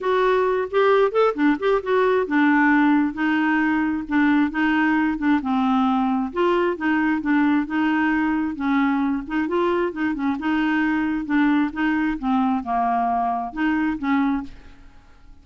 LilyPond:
\new Staff \with { instrumentName = "clarinet" } { \time 4/4 \tempo 4 = 133 fis'4. g'4 a'8 d'8 g'8 | fis'4 d'2 dis'4~ | dis'4 d'4 dis'4. d'8 | c'2 f'4 dis'4 |
d'4 dis'2 cis'4~ | cis'8 dis'8 f'4 dis'8 cis'8 dis'4~ | dis'4 d'4 dis'4 c'4 | ais2 dis'4 cis'4 | }